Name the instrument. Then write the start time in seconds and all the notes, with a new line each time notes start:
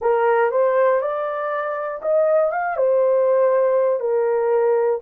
horn
0.01 A#4
0.51 C5
1.01 D5
2.02 D#5
2.51 F5
2.76 C5
4.00 A#4